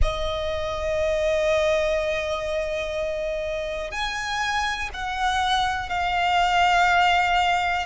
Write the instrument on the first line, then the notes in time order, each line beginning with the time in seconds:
violin
0.02 D#5
3.91 G#5
4.93 F#5
5.89 F5